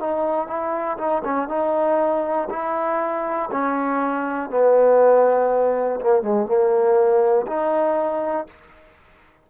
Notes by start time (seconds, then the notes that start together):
0.00 D#4
0.47 E4
0.97 D#4
1.24 C#4
1.48 D#4
2.50 E4
3.51 C#4
4.50 B3
6.00 A#3
6.22 G#3
6.45 A#3
7.46 D#4